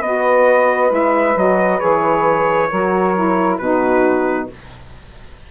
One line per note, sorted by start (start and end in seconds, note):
0.00 0.90 B3
0.00 0.89 F#4
0.00 2.69 B4
0.00 0.91 D#5
0.89 1.35 G#3
0.89 1.34 E4
0.89 1.38 E5
1.36 1.80 F#3
1.36 1.79 F#4
1.36 1.80 D#5
1.79 2.71 E3
1.79 2.68 G#4
1.79 3.57 C#5
2.69 3.59 F#3
2.69 3.15 F#4
2.69 3.59 A#4
3.15 3.60 E4
3.57 4.49 B2
3.57 4.50 D#4
3.57 4.49 F#4
3.57 4.47 B4